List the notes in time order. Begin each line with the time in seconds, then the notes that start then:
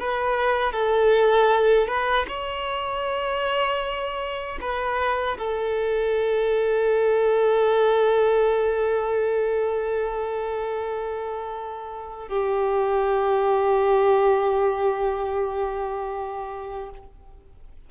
0.00 B4
0.73 A4
1.88 B4
2.28 C#5
4.61 B4
5.38 A4
12.29 G4